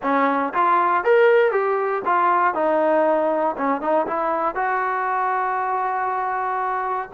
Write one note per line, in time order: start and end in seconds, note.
0.02 0.53 C#4
0.53 1.04 F4
1.04 1.51 A#4
1.51 2.02 G4
2.05 2.54 F4
2.54 3.56 D#4
3.57 3.81 C#4
3.81 4.06 D#4
4.06 4.55 E4
4.55 7.09 F#4